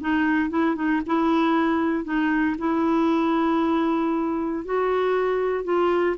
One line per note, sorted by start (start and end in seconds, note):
0.00 0.49 D#4
0.49 0.75 E4
0.75 1.01 D#4
1.06 2.04 E4
2.04 2.56 D#4
2.58 4.65 E4
4.65 5.64 F#4
5.64 6.16 F4